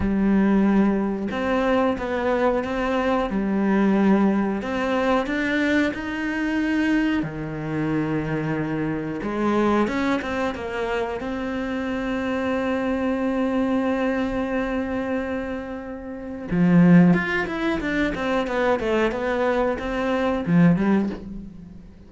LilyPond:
\new Staff \with { instrumentName = "cello" } { \time 4/4 \tempo 4 = 91 g2 c'4 b4 | c'4 g2 c'4 | d'4 dis'2 dis4~ | dis2 gis4 cis'8 c'8 |
ais4 c'2.~ | c'1~ | c'4 f4 f'8 e'8 d'8 c'8 | b8 a8 b4 c'4 f8 g8 | }